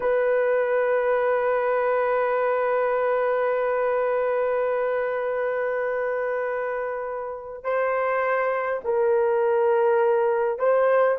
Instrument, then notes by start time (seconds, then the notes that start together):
horn
0.00 B4
7.63 C5
8.84 A#4
10.59 C5